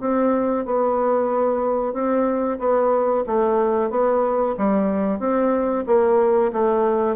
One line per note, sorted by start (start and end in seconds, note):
0.00 0.65 C4
0.66 1.93 B3
1.93 2.58 C4
2.59 3.24 B3
3.27 3.90 A3
3.90 4.55 B3
4.57 5.19 G3
5.19 5.85 C4
5.87 6.52 A#3
6.52 7.16 A3